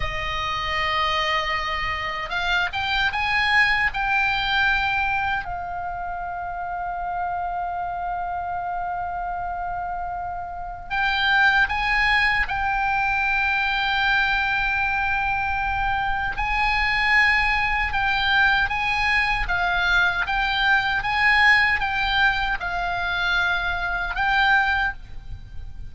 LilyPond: \new Staff \with { instrumentName = "oboe" } { \time 4/4 \tempo 4 = 77 dis''2. f''8 g''8 | gis''4 g''2 f''4~ | f''1~ | f''2 g''4 gis''4 |
g''1~ | g''4 gis''2 g''4 | gis''4 f''4 g''4 gis''4 | g''4 f''2 g''4 | }